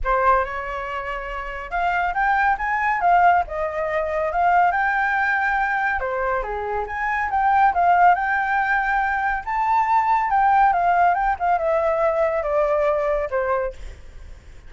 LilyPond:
\new Staff \with { instrumentName = "flute" } { \time 4/4 \tempo 4 = 140 c''4 cis''2. | f''4 g''4 gis''4 f''4 | dis''2 f''4 g''4~ | g''2 c''4 gis'4 |
gis''4 g''4 f''4 g''4~ | g''2 a''2 | g''4 f''4 g''8 f''8 e''4~ | e''4 d''2 c''4 | }